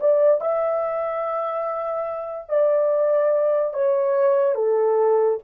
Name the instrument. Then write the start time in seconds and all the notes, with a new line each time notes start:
horn
0.00 D5
0.41 E5
2.49 D5
3.73 C#5
4.55 A4